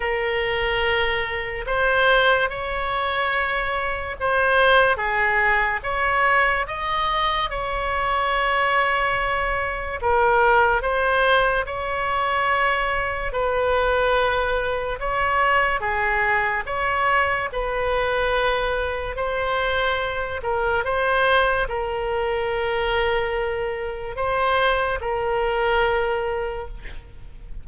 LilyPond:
\new Staff \with { instrumentName = "oboe" } { \time 4/4 \tempo 4 = 72 ais'2 c''4 cis''4~ | cis''4 c''4 gis'4 cis''4 | dis''4 cis''2. | ais'4 c''4 cis''2 |
b'2 cis''4 gis'4 | cis''4 b'2 c''4~ | c''8 ais'8 c''4 ais'2~ | ais'4 c''4 ais'2 | }